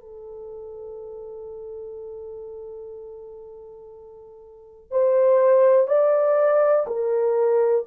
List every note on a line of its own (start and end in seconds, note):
0.00 4.91 A4
4.91 5.87 C5
5.87 6.86 D5
6.87 7.86 A#4